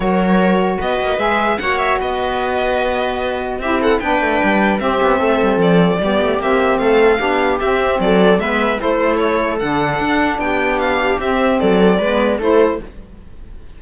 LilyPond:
<<
  \new Staff \with { instrumentName = "violin" } { \time 4/4 \tempo 4 = 150 cis''2 dis''4 e''4 | fis''8 e''8 dis''2.~ | dis''4 e''8 fis''8 g''2 | e''2 d''2 |
e''4 f''2 e''4 | d''4 e''4 c''4 cis''4 | fis''2 g''4 f''4 | e''4 d''2 c''4 | }
  \new Staff \with { instrumentName = "viola" } { \time 4/4 ais'2 b'2 | cis''4 b'2.~ | b'4 g'8 a'8 b'2 | g'4 a'2 g'4~ |
g'4 a'4 g'2 | a'4 b'4 a'2~ | a'2 g'2~ | g'4 a'4 b'4 a'4 | }
  \new Staff \with { instrumentName = "saxophone" } { \time 4/4 fis'2. gis'4 | fis'1~ | fis'4 e'4 d'2 | c'2. b4 |
c'2 d'4 c'4~ | c'4 b4 e'2 | d'1 | c'2 b4 e'4 | }
  \new Staff \with { instrumentName = "cello" } { \time 4/4 fis2 b8 ais8 gis4 | ais4 b2.~ | b4 c'4 b8 a8 g4 | c'8 b8 a8 g8 f4 g8 a8 |
ais4 a4 b4 c'4 | fis4 gis4 a2 | d4 d'4 b2 | c'4 fis4 gis4 a4 | }
>>